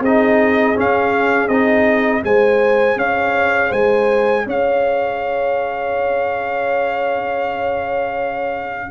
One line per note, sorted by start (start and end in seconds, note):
0.00 0.74 C4
0.00 0.75 D#4
0.00 2.22 G#4
0.00 0.78 D#5
0.75 1.49 C#4
0.75 1.48 C#4
0.75 1.48 F5
1.48 2.22 C4
1.48 2.21 D#4
1.48 2.22 D#5
2.21 2.96 G#3
2.21 8.88 G#4
2.21 2.98 C5
2.21 2.98 G#5
2.96 3.70 C#4
2.96 3.69 C#5
2.96 3.72 F5
3.69 4.46 G#3
3.69 4.43 C5
3.69 4.46 G#5
4.46 8.90 C#4
4.46 8.90 C#5
4.46 8.91 F5